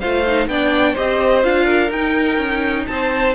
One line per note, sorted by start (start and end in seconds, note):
0.00 0.48 A3
0.00 0.26 F4
0.00 0.48 C5
0.00 0.48 F5
0.26 0.50 D#4
0.48 0.95 B3
0.48 0.96 D4
0.48 0.93 D5
0.48 0.96 G5
0.93 1.44 C4
0.93 1.43 G4
0.93 1.65 C5
0.93 1.44 D#5
1.43 1.90 D4
1.43 1.90 F4
1.43 1.91 F5
1.65 2.84 A#4
1.90 2.37 D#4
1.90 3.35 D#4
1.90 2.87 G5
2.37 2.85 C#4
2.87 3.35 C4
2.87 3.35 C5
2.87 3.34 A5